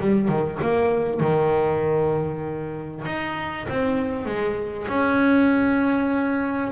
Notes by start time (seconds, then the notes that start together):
0.00 G3
0.28 D#3
0.61 A#3
1.20 D#3
3.05 D#4
3.69 C4
4.26 G#3
4.88 C#4